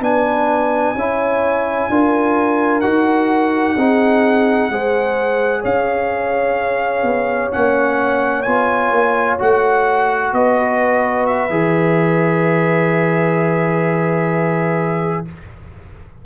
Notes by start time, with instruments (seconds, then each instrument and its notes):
0.00 tuba B3, trombone D4, horn B4, trumpet G#5
0.94 tuba C#4, trombone E4, horn C#5
1.89 tuba D4, trombone F4, horn A#4
2.80 tuba D#4, trombone F#4, trumpet F#5
3.76 tuba C4, trombone D#4, horn G#4
4.70 tuba G#3, trombone G#4, horn C5
5.61 tuba C#4, horn C#5, trumpet F5
7.02 tuba B3
7.51 tuba A#3, trombone C#4, trumpet F#5
8.42 tuba B3, trombone F4, trumpet G#5
8.91 tuba A#3
9.38 tuba A3, trombone F#4, trumpet F#5
10.32 tuba B3, horn B4, trumpet D#5
11.26 trumpet E5
11.49 tuba E3, trombone G#4